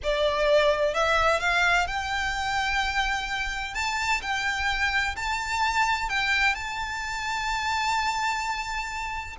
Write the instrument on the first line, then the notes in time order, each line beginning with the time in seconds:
violin
0.03 D5
0.94 E5
1.40 F5
1.87 G5
3.74 A5
4.21 G5
5.16 A5
6.09 G5
6.54 A5